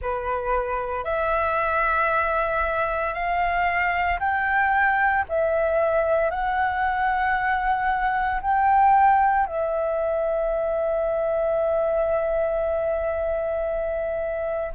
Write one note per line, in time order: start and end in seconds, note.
0.01 1.04 B4
1.04 3.13 E5
3.13 4.19 F5
4.19 5.24 G5
5.28 6.30 E5
6.30 8.41 F#5
8.41 9.46 G5
9.46 14.72 E5